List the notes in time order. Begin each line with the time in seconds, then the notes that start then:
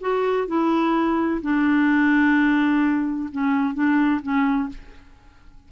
0.00 F#4
0.47 E4
1.41 D4
3.32 C#4
3.74 D4
4.22 C#4